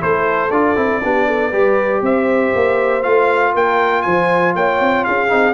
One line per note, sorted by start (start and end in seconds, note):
0.00 0.51 A3
0.00 0.50 E4
0.00 1.02 A4
0.00 0.51 C5
0.51 0.76 D4
0.51 0.76 F4
0.51 2.02 D5
0.76 1.02 C4
0.76 1.02 E4
1.04 1.53 B3
1.04 1.52 D4
1.04 1.27 G4
1.27 1.51 A4
1.51 2.02 G3
1.51 3.03 G4
1.51 2.02 B4
2.02 2.53 C4
2.02 3.54 C5
2.02 3.03 E5
2.56 3.06 A#3
3.03 3.55 A3
3.03 5.29 F4
3.03 3.54 F5
3.54 4.06 A#3
3.54 4.04 A#4
3.54 4.03 G5
4.03 4.56 F3
4.03 4.55 C5
4.03 4.53 G#5
4.55 4.81 A#3
4.55 5.06 C#5
4.55 5.05 G5
4.81 5.06 C4
5.05 5.32 C#4
5.05 5.54 G#4
5.05 5.54 F5
5.29 5.54 C4
5.29 5.54 D#4